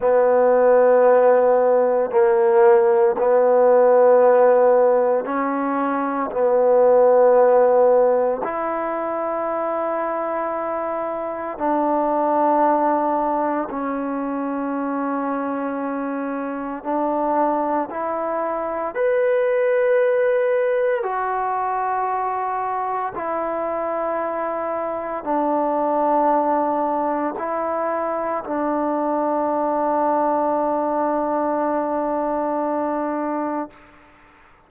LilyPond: \new Staff \with { instrumentName = "trombone" } { \time 4/4 \tempo 4 = 57 b2 ais4 b4~ | b4 cis'4 b2 | e'2. d'4~ | d'4 cis'2. |
d'4 e'4 b'2 | fis'2 e'2 | d'2 e'4 d'4~ | d'1 | }